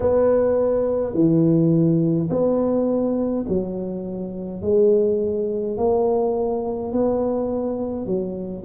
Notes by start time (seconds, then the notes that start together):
0.00 B3
1.13 E3
2.30 B3
3.48 F#3
4.62 G#3
5.77 A#3
6.92 B3
8.06 F#3